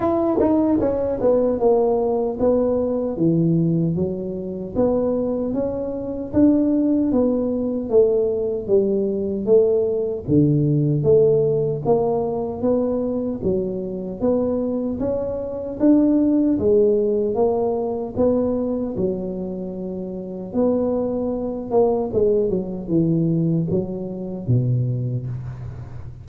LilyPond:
\new Staff \with { instrumentName = "tuba" } { \time 4/4 \tempo 4 = 76 e'8 dis'8 cis'8 b8 ais4 b4 | e4 fis4 b4 cis'4 | d'4 b4 a4 g4 | a4 d4 a4 ais4 |
b4 fis4 b4 cis'4 | d'4 gis4 ais4 b4 | fis2 b4. ais8 | gis8 fis8 e4 fis4 b,4 | }